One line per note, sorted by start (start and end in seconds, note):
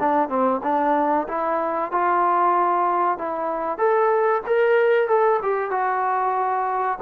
0.00 0.29 D4
0.29 0.61 C4
0.64 1.28 D4
1.28 1.92 E4
1.92 3.19 F4
3.19 3.78 E4
3.78 4.42 A4
4.47 5.08 A#4
5.08 5.40 A4
5.43 5.71 G4
5.71 6.99 F#4